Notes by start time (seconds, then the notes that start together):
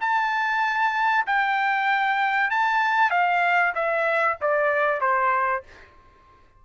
0.00 A5
1.26 G5
2.50 A5
3.11 F5
3.75 E5
4.41 D5
5.01 C5